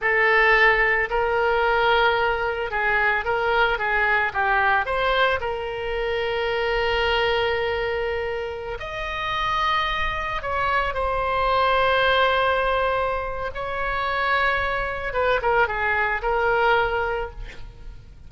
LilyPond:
\new Staff \with { instrumentName = "oboe" } { \time 4/4 \tempo 4 = 111 a'2 ais'2~ | ais'4 gis'4 ais'4 gis'4 | g'4 c''4 ais'2~ | ais'1~ |
ais'16 dis''2. cis''8.~ | cis''16 c''2.~ c''8.~ | c''4 cis''2. | b'8 ais'8 gis'4 ais'2 | }